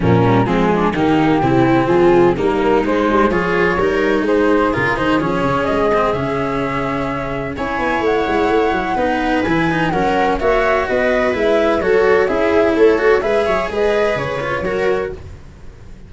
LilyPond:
<<
  \new Staff \with { instrumentName = "flute" } { \time 4/4 \tempo 4 = 127 ais'4 gis'4 g'2 | gis'4 ais'4 c''4 cis''4~ | cis''4 c''4 ais'8 c''8 cis''4 | dis''4 e''2. |
gis''4 fis''2. | gis''4 fis''4 e''4 dis''4 | e''4 cis''4 e''4 cis''4 | e''4 dis''4 cis''2 | }
  \new Staff \with { instrumentName = "viola" } { \time 4/4 cis'4 c'8 d'8 dis'4 e'4 | f'4 dis'2 gis'4 | ais'4 gis'2.~ | gis'1 |
cis''2. b'4~ | b'4 ais'4 cis''4 b'4~ | b'4 a'4 gis'4 a'4 | b'8 cis''8 b'2 ais'4 | }
  \new Staff \with { instrumentName = "cello" } { \time 4/4 f8 g8 gis4 ais4 c'4~ | c'4 ais4 gis4 f'4 | dis'2 f'8 dis'8 cis'4~ | cis'8 c'8 cis'2. |
e'2. dis'4 | e'8 dis'8 cis'4 fis'2 | e'4 fis'4 e'4. fis'8 | gis'2~ gis'8 f'8 fis'4 | }
  \new Staff \with { instrumentName = "tuba" } { \time 4/4 ais,4 f4 dis4 c4 | f4 g4 gis8 g8 f4 | g4 gis4 cis8 dis8 f8 cis8 | gis4 cis2. |
cis'8 b8 a8 gis8 a8 fis8 b4 | e4 fis4 ais4 b4 | gis4 fis4 cis'4 a4 | gis8 fis8 gis4 cis4 fis4 | }
>>